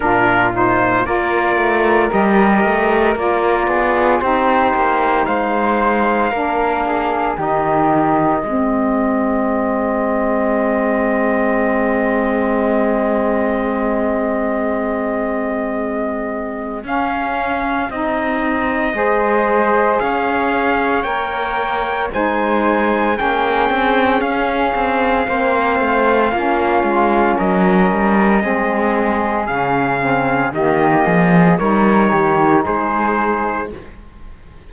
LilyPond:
<<
  \new Staff \with { instrumentName = "trumpet" } { \time 4/4 \tempo 4 = 57 ais'8 c''8 d''4 dis''4 d''4 | c''4 f''2 dis''4~ | dis''1~ | dis''1 |
f''4 dis''2 f''4 | g''4 gis''4 g''4 f''4~ | f''2 dis''2 | f''4 dis''4 cis''4 c''4 | }
  \new Staff \with { instrumentName = "flute" } { \time 4/4 f'4 ais'2~ ais'8 gis'8 | g'4 c''4 ais'8 gis'8 g'4 | gis'1~ | gis'1~ |
gis'2 c''4 cis''4~ | cis''4 c''4 gis'2 | c''4 f'4 ais'4 gis'4~ | gis'4 g'8 gis'8 ais'8 g'8 gis'4 | }
  \new Staff \with { instrumentName = "saxophone" } { \time 4/4 d'8 dis'8 f'4 g'4 f'4 | dis'2 d'4 dis'4 | c'1~ | c'1 |
cis'4 dis'4 gis'2 | ais'4 dis'4 cis'2 | c'4 cis'2 c'4 | cis'8 c'8 ais4 dis'2 | }
  \new Staff \with { instrumentName = "cello" } { \time 4/4 ais,4 ais8 a8 g8 a8 ais8 b8 | c'8 ais8 gis4 ais4 dis4 | gis1~ | gis1 |
cis'4 c'4 gis4 cis'4 | ais4 gis4 ais8 c'8 cis'8 c'8 | ais8 a8 ais8 gis8 fis8 g8 gis4 | cis4 dis8 f8 g8 dis8 gis4 | }
>>